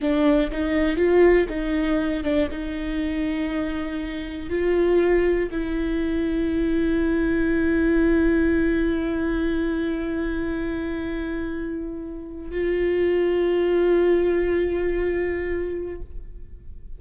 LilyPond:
\new Staff \with { instrumentName = "viola" } { \time 4/4 \tempo 4 = 120 d'4 dis'4 f'4 dis'4~ | dis'8 d'8 dis'2.~ | dis'4 f'2 e'4~ | e'1~ |
e'1~ | e'1~ | e'4 f'2.~ | f'1 | }